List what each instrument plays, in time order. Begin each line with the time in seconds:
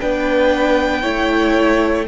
0.00 cello B3, viola D4, violin B4 G5
1.02 cello A3, viola E4, violin C#5